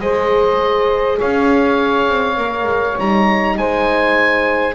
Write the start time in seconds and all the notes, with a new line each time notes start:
0.00 G#3 G#4 C5 D#5
1.18 C#4 C#5 F5
2.09 C4
2.37 A#3 A#4
2.65 G#3
2.99 G3 D#4 A#5
3.58 G#3 C5 G#5